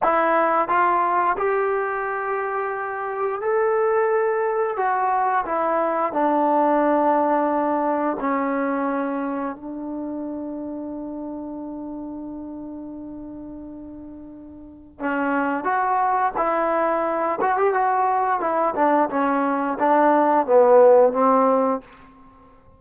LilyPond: \new Staff \with { instrumentName = "trombone" } { \time 4/4 \tempo 4 = 88 e'4 f'4 g'2~ | g'4 a'2 fis'4 | e'4 d'2. | cis'2 d'2~ |
d'1~ | d'2 cis'4 fis'4 | e'4. fis'16 g'16 fis'4 e'8 d'8 | cis'4 d'4 b4 c'4 | }